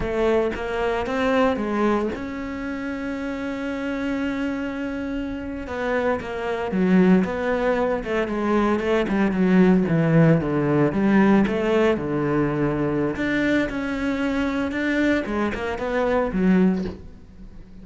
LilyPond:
\new Staff \with { instrumentName = "cello" } { \time 4/4 \tempo 4 = 114 a4 ais4 c'4 gis4 | cis'1~ | cis'2~ cis'8. b4 ais16~ | ais8. fis4 b4. a8 gis16~ |
gis8. a8 g8 fis4 e4 d16~ | d8. g4 a4 d4~ d16~ | d4 d'4 cis'2 | d'4 gis8 ais8 b4 fis4 | }